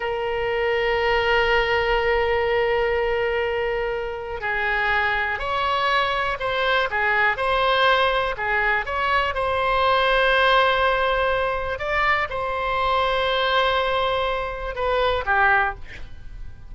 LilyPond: \new Staff \with { instrumentName = "oboe" } { \time 4/4 \tempo 4 = 122 ais'1~ | ais'1~ | ais'4 gis'2 cis''4~ | cis''4 c''4 gis'4 c''4~ |
c''4 gis'4 cis''4 c''4~ | c''1 | d''4 c''2.~ | c''2 b'4 g'4 | }